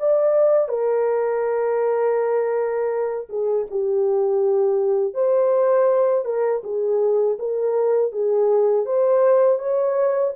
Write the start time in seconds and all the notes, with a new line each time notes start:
0.00 D5
0.68 A#4
3.29 G#4
3.70 G4
5.14 C5
6.25 A#4
6.64 G#4
7.39 A#4
8.12 G#4
8.86 C5
9.59 C#5